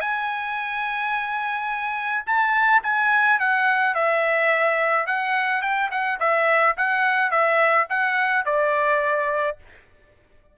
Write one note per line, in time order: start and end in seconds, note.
0.00 2.24 G#5
2.26 2.82 A5
2.83 3.39 G#5
3.39 3.94 F#5
3.94 5.06 E5
5.06 5.62 F#5
5.62 5.90 G5
5.91 6.19 F#5
6.20 6.76 E5
6.77 7.31 F#5
7.31 7.87 E5
7.89 8.45 F#5
8.45 9.57 D5